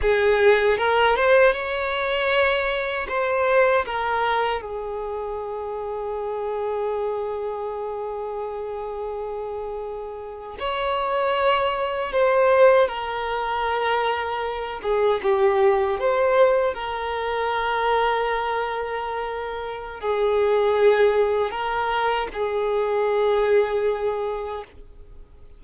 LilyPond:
\new Staff \with { instrumentName = "violin" } { \time 4/4 \tempo 4 = 78 gis'4 ais'8 c''8 cis''2 | c''4 ais'4 gis'2~ | gis'1~ | gis'4.~ gis'16 cis''2 c''16~ |
c''8. ais'2~ ais'8 gis'8 g'16~ | g'8. c''4 ais'2~ ais'16~ | ais'2 gis'2 | ais'4 gis'2. | }